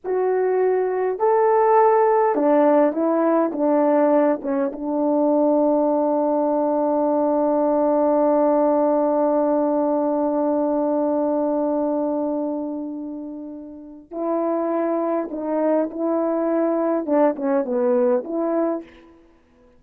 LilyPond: \new Staff \with { instrumentName = "horn" } { \time 4/4 \tempo 4 = 102 fis'2 a'2 | d'4 e'4 d'4. cis'8 | d'1~ | d'1~ |
d'1~ | d'1 | e'2 dis'4 e'4~ | e'4 d'8 cis'8 b4 e'4 | }